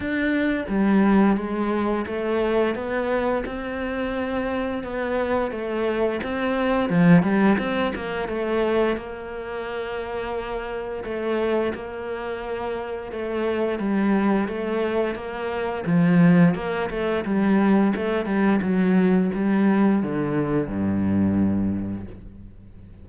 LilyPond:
\new Staff \with { instrumentName = "cello" } { \time 4/4 \tempo 4 = 87 d'4 g4 gis4 a4 | b4 c'2 b4 | a4 c'4 f8 g8 c'8 ais8 | a4 ais2. |
a4 ais2 a4 | g4 a4 ais4 f4 | ais8 a8 g4 a8 g8 fis4 | g4 d4 g,2 | }